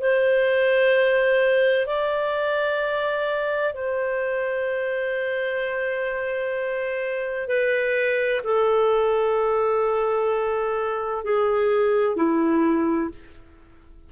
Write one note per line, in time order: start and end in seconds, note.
0.00 1.87 C5
1.87 3.74 D5
3.74 7.47 C5
7.47 8.41 B4
8.44 11.24 A4
11.24 12.16 G#4
12.16 13.10 E4